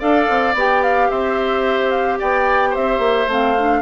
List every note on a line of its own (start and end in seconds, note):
0.00 0.29 D4
0.00 0.55 A4
0.00 1.09 D5
0.00 0.56 F5
0.30 0.55 C4
0.55 1.09 B3
0.55 3.30 G4
0.55 0.83 G5
0.83 1.11 F5
1.11 2.20 C4
1.11 2.19 C5
1.11 1.91 E5
1.91 2.18 F5
2.19 2.77 B3
2.19 2.70 D5
2.19 2.75 G5
2.70 3.79 C5
2.70 3.30 E5
2.77 2.99 C4
2.99 3.26 A#3
3.28 3.82 A3
3.28 3.57 C4
3.28 3.83 F5
3.58 3.83 D4